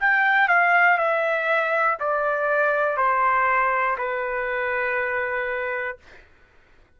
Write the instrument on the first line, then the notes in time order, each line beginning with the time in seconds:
trumpet
0.00 G5
0.48 F5
0.97 E5
2.00 D5
2.96 C5
3.97 B4